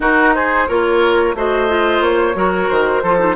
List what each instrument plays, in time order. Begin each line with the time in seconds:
0.00 bassoon D#4, clarinet D#4, oboe F#4, flute A#4
0.34 oboe G#4, flute C5
0.68 bassoon A#3, clarinet F4, oboe A#4, flute C#5
1.34 bassoon A3, clarinet F#4, oboe C5, flute D#5
1.68 clarinet F4
2.00 bassoon A#3, flute C#5
2.34 bassoon F#3, clarinet F#4, oboe A#4
2.69 bassoon D#3, flute C5
3.02 bassoon F3, clarinet F4, oboe A4
3.19 clarinet D#4